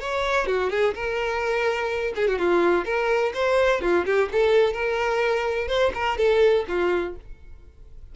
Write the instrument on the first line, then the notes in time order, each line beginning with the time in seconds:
violin
0.00 C#5
0.47 F#4
0.70 G#4
0.94 A#4
2.16 G#4
2.27 F#4
2.39 F4
2.85 A#4
3.34 C5
3.81 F4
4.06 G4
4.32 A4
4.73 A#4
5.68 C5
5.94 A#4
6.18 A4
6.68 F4